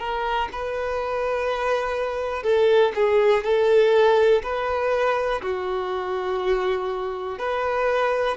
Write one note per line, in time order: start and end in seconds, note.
0.00 0.49 A#4
0.53 2.44 B4
2.44 2.93 A4
2.96 3.44 G#4
3.44 4.43 A4
4.44 5.42 B4
5.42 7.39 F#4
7.39 8.37 B4